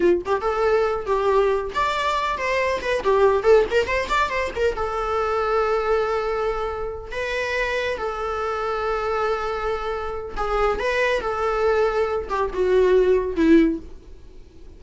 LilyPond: \new Staff \with { instrumentName = "viola" } { \time 4/4 \tempo 4 = 139 f'8 g'8 a'4. g'4. | d''4. c''4 b'8 g'4 | a'8 ais'8 c''8 d''8 c''8 ais'8 a'4~ | a'1~ |
a'8 b'2 a'4.~ | a'1 | gis'4 b'4 a'2~ | a'8 g'8 fis'2 e'4 | }